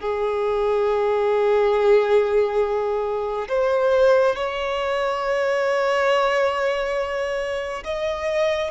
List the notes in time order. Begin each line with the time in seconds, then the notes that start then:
0.00 G#4
3.49 C5
4.36 C#5
7.84 D#5